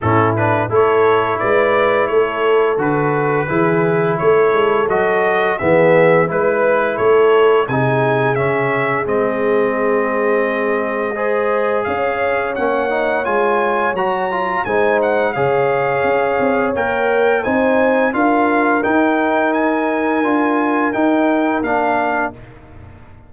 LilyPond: <<
  \new Staff \with { instrumentName = "trumpet" } { \time 4/4 \tempo 4 = 86 a'8 b'8 cis''4 d''4 cis''4 | b'2 cis''4 dis''4 | e''4 b'4 cis''4 gis''4 | e''4 dis''2.~ |
dis''4 f''4 fis''4 gis''4 | ais''4 gis''8 fis''8 f''2 | g''4 gis''4 f''4 g''4 | gis''2 g''4 f''4 | }
  \new Staff \with { instrumentName = "horn" } { \time 4/4 e'4 a'4 b'4 a'4~ | a'4 gis'4 a'2 | gis'4 b'4 a'4 gis'4~ | gis'1 |
c''4 cis''2.~ | cis''4 c''4 cis''2~ | cis''4 c''4 ais'2~ | ais'1 | }
  \new Staff \with { instrumentName = "trombone" } { \time 4/4 cis'8 d'8 e'2. | fis'4 e'2 fis'4 | b4 e'2 dis'4 | cis'4 c'2. |
gis'2 cis'8 dis'8 f'4 | fis'8 f'8 dis'4 gis'2 | ais'4 dis'4 f'4 dis'4~ | dis'4 f'4 dis'4 d'4 | }
  \new Staff \with { instrumentName = "tuba" } { \time 4/4 a,4 a4 gis4 a4 | d4 e4 a8 gis8 fis4 | e4 gis4 a4 c4 | cis4 gis2.~ |
gis4 cis'4 ais4 gis4 | fis4 gis4 cis4 cis'8 c'8 | ais4 c'4 d'4 dis'4~ | dis'4 d'4 dis'4 ais4 | }
>>